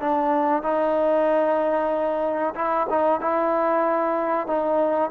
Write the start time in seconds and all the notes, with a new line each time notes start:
0.00 D4
0.62 D#4
2.55 E4
2.90 D#4
3.20 E4
4.47 D#4